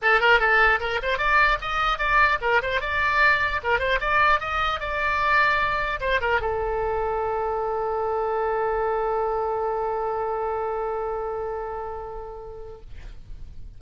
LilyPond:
\new Staff \with { instrumentName = "oboe" } { \time 4/4 \tempo 4 = 150 a'8 ais'8 a'4 ais'8 c''8 d''4 | dis''4 d''4 ais'8 c''8 d''4~ | d''4 ais'8 c''8 d''4 dis''4 | d''2. c''8 ais'8 |
a'1~ | a'1~ | a'1~ | a'1 | }